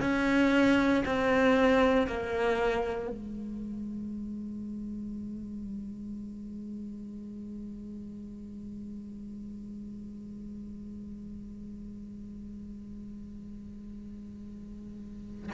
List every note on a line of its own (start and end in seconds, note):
0.00 1.03 C#4
1.05 2.07 C4
2.07 3.09 A#3
3.09 15.50 G#3